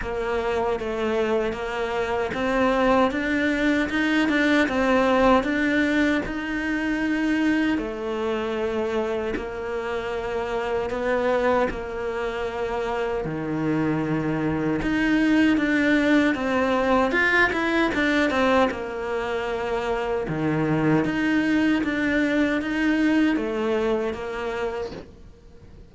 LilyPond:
\new Staff \with { instrumentName = "cello" } { \time 4/4 \tempo 4 = 77 ais4 a4 ais4 c'4 | d'4 dis'8 d'8 c'4 d'4 | dis'2 a2 | ais2 b4 ais4~ |
ais4 dis2 dis'4 | d'4 c'4 f'8 e'8 d'8 c'8 | ais2 dis4 dis'4 | d'4 dis'4 a4 ais4 | }